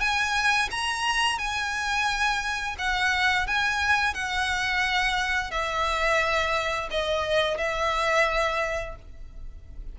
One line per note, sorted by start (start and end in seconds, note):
0.00 0.69 G#5
0.71 1.38 A#5
1.38 2.76 G#5
2.78 3.47 F#5
3.47 4.14 G#5
4.14 5.51 F#5
5.51 6.89 E5
6.91 7.57 D#5
7.57 8.95 E5